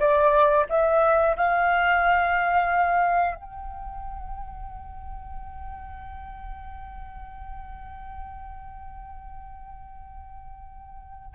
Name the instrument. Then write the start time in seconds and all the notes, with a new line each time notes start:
flute
0.00 D5
0.70 E5
1.37 F5
3.36 G5